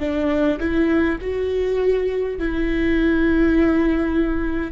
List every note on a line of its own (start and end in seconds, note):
0.00 0.59 D4
0.60 1.19 E4
1.21 2.39 F#4
2.39 4.72 E4